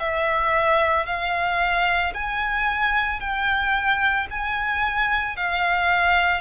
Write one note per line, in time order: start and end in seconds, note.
0.00 1.06 E5
1.06 2.13 F5
2.14 3.20 G#5
3.20 4.28 G5
4.31 5.37 G#5
5.37 6.41 F5